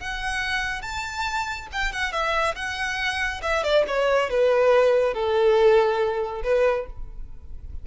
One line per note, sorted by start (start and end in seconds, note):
0.00 0.82 F#5
0.82 1.68 A5
1.72 1.92 G5
1.92 2.13 F#5
2.13 2.55 E5
2.55 3.41 F#5
3.42 3.64 E5
3.64 3.85 D5
3.88 4.30 C#5
4.30 5.14 B4
5.14 6.42 A4
6.43 6.86 B4